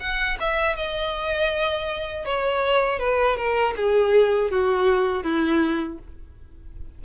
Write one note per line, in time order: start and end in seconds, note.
0.00 0.38 F#5
0.40 0.76 E5
0.76 2.25 D#5
2.25 2.99 C#5
2.99 3.36 B4
3.36 3.74 A#4
3.76 4.51 G#4
4.51 5.23 F#4
5.23 5.98 E4